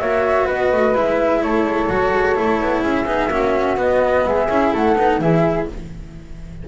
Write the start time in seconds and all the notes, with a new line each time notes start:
0.00 A#3 F#4 C#5 E5
0.45 B3 B4 D#5
0.72 A3
0.94 G#3 E4 E5
1.42 A3 A4 C#5
1.64 G#3
1.89 F#3 F#4
2.12 G#3
2.35 A3 E4
2.60 B3
2.82 C#4 G#4 E5
3.06 B3 D#4
3.28 A#3 C#4 F#4
3.75 B3 D#5
4.25 G#3 G#4 E5
4.49 C#4 E4
4.73 A3 A4 F#5
4.96 B3 D#4
5.19 E3 E4 G#4 E5